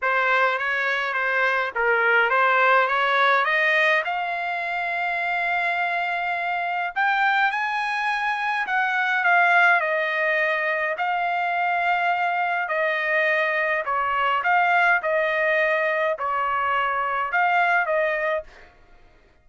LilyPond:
\new Staff \with { instrumentName = "trumpet" } { \time 4/4 \tempo 4 = 104 c''4 cis''4 c''4 ais'4 | c''4 cis''4 dis''4 f''4~ | f''1 | g''4 gis''2 fis''4 |
f''4 dis''2 f''4~ | f''2 dis''2 | cis''4 f''4 dis''2 | cis''2 f''4 dis''4 | }